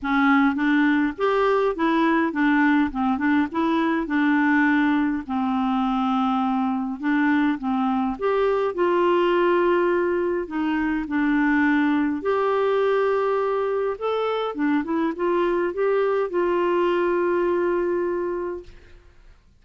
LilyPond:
\new Staff \with { instrumentName = "clarinet" } { \time 4/4 \tempo 4 = 103 cis'4 d'4 g'4 e'4 | d'4 c'8 d'8 e'4 d'4~ | d'4 c'2. | d'4 c'4 g'4 f'4~ |
f'2 dis'4 d'4~ | d'4 g'2. | a'4 d'8 e'8 f'4 g'4 | f'1 | }